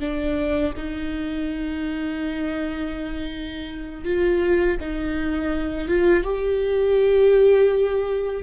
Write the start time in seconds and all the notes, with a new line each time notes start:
0.00 D4
0.76 D#4
4.04 F4
4.81 D#4
5.88 F4
6.24 G4